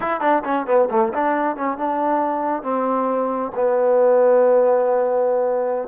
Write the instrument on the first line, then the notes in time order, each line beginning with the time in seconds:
trombone
0.00 E4
0.20 D4
0.44 C#4
0.66 B3
0.90 A3
1.13 D4
1.56 C#4
1.77 D4
2.63 C4
3.55 B3